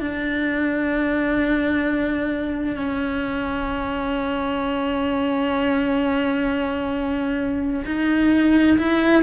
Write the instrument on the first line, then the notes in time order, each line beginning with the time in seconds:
cello
0.00 D4
2.76 C#4
7.85 D#4
8.78 E4